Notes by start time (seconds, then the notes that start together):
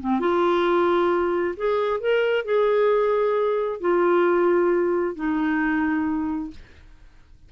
0.00 C4
0.19 F4
1.56 G#4
2.00 A#4
2.45 G#4
3.80 F4
5.15 D#4